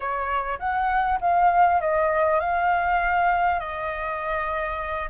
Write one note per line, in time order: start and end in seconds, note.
0.00 0.58 C#5
0.59 1.19 F#5
1.20 1.80 F5
1.81 2.40 D#5
2.40 3.59 F5
3.59 5.09 D#5